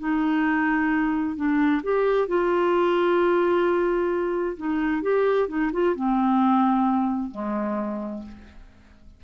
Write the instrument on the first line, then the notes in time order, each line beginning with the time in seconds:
clarinet
0.00 D#4
1.36 D4
1.83 G4
2.28 F4
4.57 D#4
5.03 G4
5.49 D#4
5.73 F4
5.96 C4
7.32 G#3